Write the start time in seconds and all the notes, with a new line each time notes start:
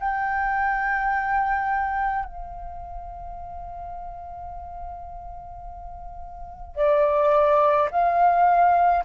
0.00 G5
2.25 F5
6.76 D5
7.91 F5